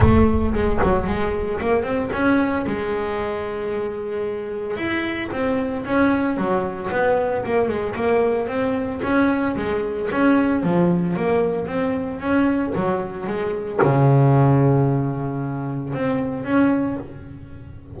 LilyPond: \new Staff \with { instrumentName = "double bass" } { \time 4/4 \tempo 4 = 113 a4 gis8 fis8 gis4 ais8 c'8 | cis'4 gis2.~ | gis4 e'4 c'4 cis'4 | fis4 b4 ais8 gis8 ais4 |
c'4 cis'4 gis4 cis'4 | f4 ais4 c'4 cis'4 | fis4 gis4 cis2~ | cis2 c'4 cis'4 | }